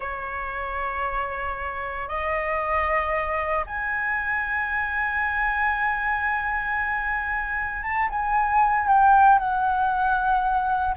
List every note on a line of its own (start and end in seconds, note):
0.00 2.08 C#5
2.08 3.65 D#5
3.66 7.82 G#5
7.82 8.08 A5
8.09 8.87 G#5
8.87 9.38 G5
9.38 10.95 F#5